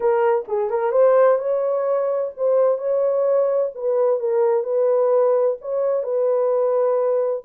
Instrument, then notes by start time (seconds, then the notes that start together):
horn
0.00 A#4
0.48 G#4
0.70 A#4
0.91 C5
1.38 C#5
2.36 C5
2.78 C#5
3.74 B4
4.19 A#4
4.63 B4
5.61 C#5
6.03 B4